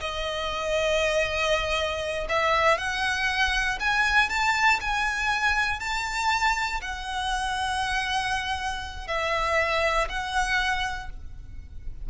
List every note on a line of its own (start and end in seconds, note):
0.00 2.27 D#5
2.29 2.77 E5
2.77 3.78 F#5
3.79 4.29 G#5
4.29 4.79 A5
4.81 5.79 G#5
5.79 6.80 A5
6.81 9.07 F#5
9.07 10.08 E5
10.09 11.09 F#5